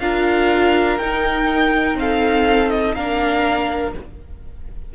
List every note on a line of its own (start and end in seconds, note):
0.00 0.99 D4
0.00 0.99 F4
0.00 1.98 A#4
0.00 0.98 F5
0.99 2.96 D#4
0.99 1.95 D#4
0.99 1.97 G5
1.95 2.93 C4
1.95 2.71 F5
2.01 2.96 A4
2.71 2.95 D#5
2.95 3.94 A#3
2.95 3.95 D4
2.95 3.95 A#4
2.95 3.94 F5